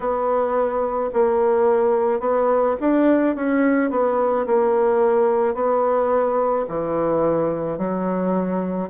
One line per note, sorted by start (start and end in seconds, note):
0.00 1.10 B3
1.13 2.20 A#3
2.20 2.75 B3
2.80 3.35 D4
3.35 3.90 C#4
3.90 4.45 B3
4.46 5.54 A#3
5.54 6.65 B3
6.68 7.78 E3
7.78 8.89 F#3